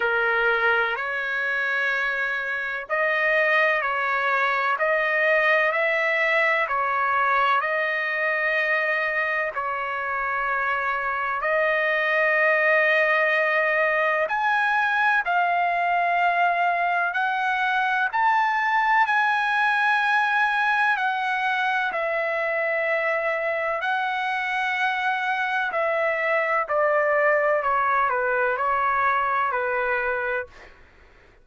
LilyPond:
\new Staff \with { instrumentName = "trumpet" } { \time 4/4 \tempo 4 = 63 ais'4 cis''2 dis''4 | cis''4 dis''4 e''4 cis''4 | dis''2 cis''2 | dis''2. gis''4 |
f''2 fis''4 a''4 | gis''2 fis''4 e''4~ | e''4 fis''2 e''4 | d''4 cis''8 b'8 cis''4 b'4 | }